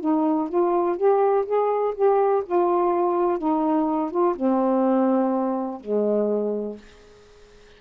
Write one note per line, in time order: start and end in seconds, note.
0.00 0.48 D#4
0.49 0.97 F4
0.97 1.45 G4
1.45 1.94 G#4
1.94 2.43 G4
2.45 3.38 F4
3.38 4.11 D#4
4.11 4.35 F4
4.35 5.80 C4
5.80 6.77 G#3